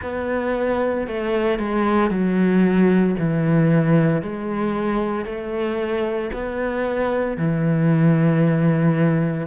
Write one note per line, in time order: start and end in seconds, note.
0.02 1.07 B3
1.07 1.58 A3
1.58 2.10 G#3
2.10 3.15 F#3
3.18 4.22 E3
4.22 5.25 G#3
5.25 6.30 A3
6.33 7.37 B3
7.37 9.46 E3